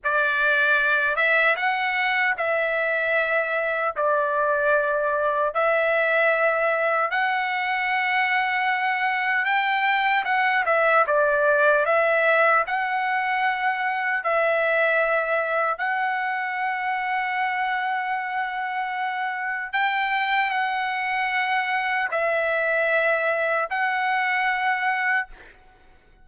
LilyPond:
\new Staff \with { instrumentName = "trumpet" } { \time 4/4 \tempo 4 = 76 d''4. e''8 fis''4 e''4~ | e''4 d''2 e''4~ | e''4 fis''2. | g''4 fis''8 e''8 d''4 e''4 |
fis''2 e''2 | fis''1~ | fis''4 g''4 fis''2 | e''2 fis''2 | }